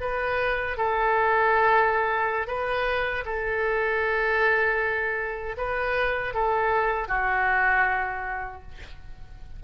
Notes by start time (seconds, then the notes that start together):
0.00 B4
0.77 A4
2.47 B4
3.25 A4
5.57 B4
6.34 A4
7.08 F#4